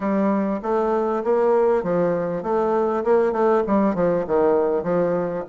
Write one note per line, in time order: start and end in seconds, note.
0.00 0.60 G3
0.62 1.23 A3
1.23 1.83 A#3
1.83 2.42 F3
2.42 3.03 A3
3.03 3.32 A#3
3.32 3.62 A3
3.66 3.94 G3
3.94 4.25 F3
4.27 4.83 D#3
4.83 5.44 F3